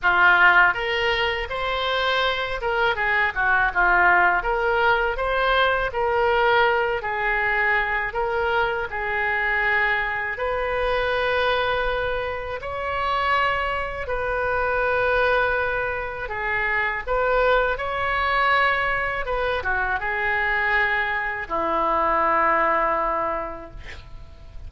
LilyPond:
\new Staff \with { instrumentName = "oboe" } { \time 4/4 \tempo 4 = 81 f'4 ais'4 c''4. ais'8 | gis'8 fis'8 f'4 ais'4 c''4 | ais'4. gis'4. ais'4 | gis'2 b'2~ |
b'4 cis''2 b'4~ | b'2 gis'4 b'4 | cis''2 b'8 fis'8 gis'4~ | gis'4 e'2. | }